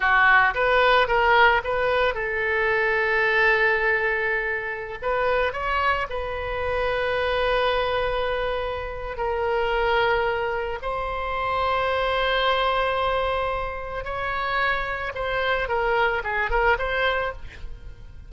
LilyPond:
\new Staff \with { instrumentName = "oboe" } { \time 4/4 \tempo 4 = 111 fis'4 b'4 ais'4 b'4 | a'1~ | a'4~ a'16 b'4 cis''4 b'8.~ | b'1~ |
b'4 ais'2. | c''1~ | c''2 cis''2 | c''4 ais'4 gis'8 ais'8 c''4 | }